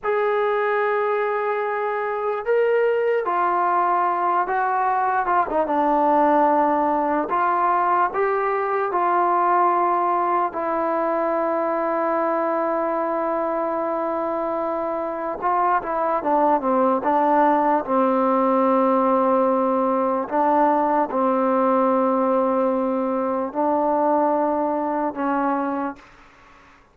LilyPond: \new Staff \with { instrumentName = "trombone" } { \time 4/4 \tempo 4 = 74 gis'2. ais'4 | f'4. fis'4 f'16 dis'16 d'4~ | d'4 f'4 g'4 f'4~ | f'4 e'2.~ |
e'2. f'8 e'8 | d'8 c'8 d'4 c'2~ | c'4 d'4 c'2~ | c'4 d'2 cis'4 | }